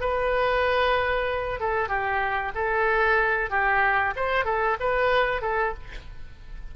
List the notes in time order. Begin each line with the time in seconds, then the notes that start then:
0.00 B4
1.60 A4
1.88 G4
2.55 A4
3.50 G4
4.16 C5
4.44 A4
4.80 B4
5.41 A4